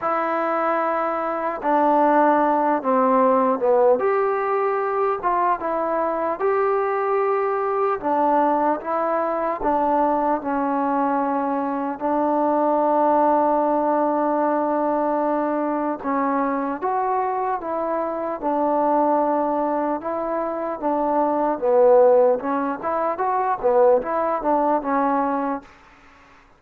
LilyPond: \new Staff \with { instrumentName = "trombone" } { \time 4/4 \tempo 4 = 75 e'2 d'4. c'8~ | c'8 b8 g'4. f'8 e'4 | g'2 d'4 e'4 | d'4 cis'2 d'4~ |
d'1 | cis'4 fis'4 e'4 d'4~ | d'4 e'4 d'4 b4 | cis'8 e'8 fis'8 b8 e'8 d'8 cis'4 | }